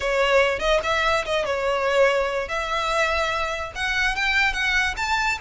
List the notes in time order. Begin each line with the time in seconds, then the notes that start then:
0.00 C#5
0.59 D#5
0.83 E5
1.25 D#5
1.45 C#5
2.48 E5
3.75 F#5
4.15 G5
4.53 F#5
4.97 A5